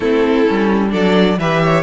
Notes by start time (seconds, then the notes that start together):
0.00 A3 C4 E4 A4
0.46 G3 C#4
0.89 F#3 D4 A4 D5
1.38 E3 G4 B4 E5
1.63 C#5